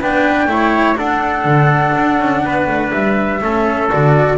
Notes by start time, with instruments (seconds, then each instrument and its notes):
0.00 double bass B3, cello D4, trumpet B4, flute G5
0.46 double bass A3, cello E4, trumpet C#5
0.95 cello D4, double bass D4, trumpet A4, flute F#5
1.45 double bass D3
1.96 double bass D4
2.20 double bass C#4
2.45 double bass B3, trumpet B4
2.67 double bass A3
2.92 double bass G3, flute E5
3.41 double bass A3, cello C#4, trumpet A4
3.90 double bass D3, cello F#4, flute D5